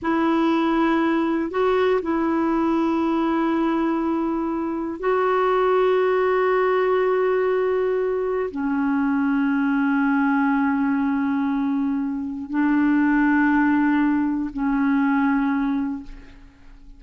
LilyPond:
\new Staff \with { instrumentName = "clarinet" } { \time 4/4 \tempo 4 = 120 e'2. fis'4 | e'1~ | e'2 fis'2~ | fis'1~ |
fis'4 cis'2.~ | cis'1~ | cis'4 d'2.~ | d'4 cis'2. | }